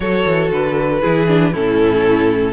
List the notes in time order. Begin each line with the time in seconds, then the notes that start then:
0.00 F#3 F#4 A4 C#5
0.25 E3
0.51 D3 B4
1.01 E3 E4 G#4
1.27 D4
1.52 A2 C#4 E4 A4